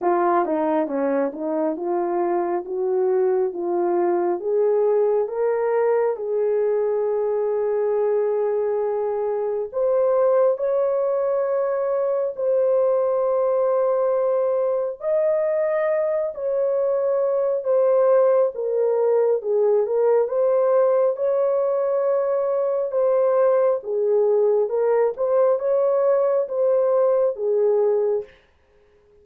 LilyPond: \new Staff \with { instrumentName = "horn" } { \time 4/4 \tempo 4 = 68 f'8 dis'8 cis'8 dis'8 f'4 fis'4 | f'4 gis'4 ais'4 gis'4~ | gis'2. c''4 | cis''2 c''2~ |
c''4 dis''4. cis''4. | c''4 ais'4 gis'8 ais'8 c''4 | cis''2 c''4 gis'4 | ais'8 c''8 cis''4 c''4 gis'4 | }